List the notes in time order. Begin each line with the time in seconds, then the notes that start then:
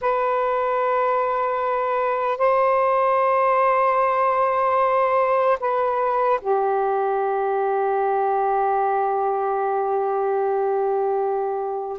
0.01 B4
2.38 C5
5.60 B4
6.41 G4